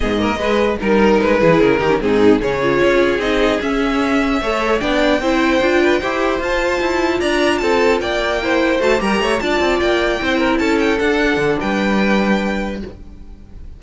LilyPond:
<<
  \new Staff \with { instrumentName = "violin" } { \time 4/4 \tempo 4 = 150 dis''2 ais'4 b'4 | ais'4 gis'4 cis''2 | dis''4 e''2. | g''1 |
a''2 ais''4 a''4 | g''2 a''8 ais''4 a''8~ | a''8 g''2 a''8 g''8 fis''8~ | fis''4 g''2. | }
  \new Staff \with { instrumentName = "violin" } { \time 4/4 gis'8 ais'8 b'4 ais'4. gis'8~ | gis'8 g'8 dis'4 gis'2~ | gis'2. cis''4 | d''4 c''4. b'8 c''4~ |
c''2 d''4 a'4 | d''4 c''4. ais'8 cis''8 d''8~ | d''4. c''8 ais'8 a'4.~ | a'4 b'2. | }
  \new Staff \with { instrumentName = "viola" } { \time 4/4 b8 ais8 gis4 dis'4. e'8~ | e'8 dis'16 cis'16 c'4 cis'8 f'4. | dis'4 cis'2 a'4 | d'4 e'4 f'4 g'4 |
f'1~ | f'4 e'4 fis'8 g'4 f'8~ | f'4. e'2 d'8~ | d'1 | }
  \new Staff \with { instrumentName = "cello" } { \time 4/4 gis,4 gis4 g4 gis8 e8 | cis8 dis8 gis,4 cis4 cis'4 | c'4 cis'2 a4 | b4 c'4 d'4 e'4 |
f'4 e'4 d'4 c'4 | ais2 a8 g8 a8 d'8 | c'8 ais4 c'4 cis'4 d'8~ | d'8 d8 g2. | }
>>